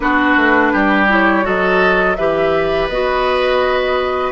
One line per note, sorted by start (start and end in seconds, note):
0.00 0.36 B3
0.00 1.08 D4
0.00 0.72 F#4
0.00 1.06 B4
0.36 0.72 A3
0.72 1.46 G3
0.72 1.44 G4
1.08 1.42 E4
1.08 1.46 C#5
1.42 2.18 F#3
1.42 2.15 F#4
1.42 2.17 A4
1.42 2.15 D#5
2.15 2.88 E3
2.15 2.90 G4
2.15 4.31 B4
2.15 2.87 E5
2.88 4.31 B3
2.88 4.31 F#4
2.88 4.31 D#5